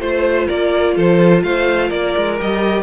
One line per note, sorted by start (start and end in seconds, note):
0.00 0.48 A3
0.00 2.39 F4
0.00 0.48 C5
0.48 0.97 A#3
0.48 0.95 A#4
0.48 0.96 D5
0.95 1.44 F3
0.95 1.43 A4
0.95 1.44 C5
1.44 1.91 A3
1.44 1.88 C5
1.44 1.90 F5
1.88 2.15 A#3
1.88 2.83 A#4
1.88 2.38 D5
2.17 2.41 G#3
2.39 2.84 G3
2.39 2.84 G4
2.39 2.84 D#5